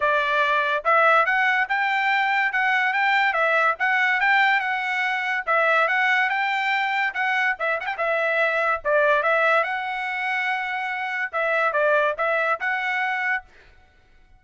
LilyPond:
\new Staff \with { instrumentName = "trumpet" } { \time 4/4 \tempo 4 = 143 d''2 e''4 fis''4 | g''2 fis''4 g''4 | e''4 fis''4 g''4 fis''4~ | fis''4 e''4 fis''4 g''4~ |
g''4 fis''4 e''8 fis''16 g''16 e''4~ | e''4 d''4 e''4 fis''4~ | fis''2. e''4 | d''4 e''4 fis''2 | }